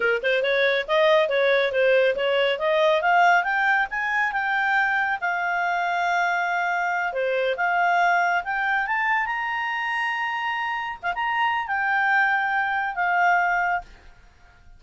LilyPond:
\new Staff \with { instrumentName = "clarinet" } { \time 4/4 \tempo 4 = 139 ais'8 c''8 cis''4 dis''4 cis''4 | c''4 cis''4 dis''4 f''4 | g''4 gis''4 g''2 | f''1~ |
f''8 c''4 f''2 g''8~ | g''8 a''4 ais''2~ ais''8~ | ais''4. f''16 ais''4~ ais''16 g''4~ | g''2 f''2 | }